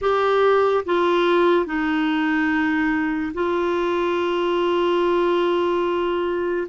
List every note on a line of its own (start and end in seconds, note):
0.01 0.84 G4
0.85 1.66 F4
1.66 3.33 D#4
3.34 6.67 F4